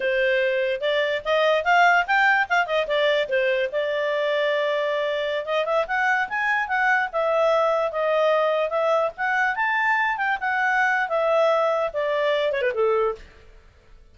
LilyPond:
\new Staff \with { instrumentName = "clarinet" } { \time 4/4 \tempo 4 = 146 c''2 d''4 dis''4 | f''4 g''4 f''8 dis''8 d''4 | c''4 d''2.~ | d''4~ d''16 dis''8 e''8 fis''4 gis''8.~ |
gis''16 fis''4 e''2 dis''8.~ | dis''4~ dis''16 e''4 fis''4 a''8.~ | a''8. g''8 fis''4.~ fis''16 e''4~ | e''4 d''4. cis''16 b'16 a'4 | }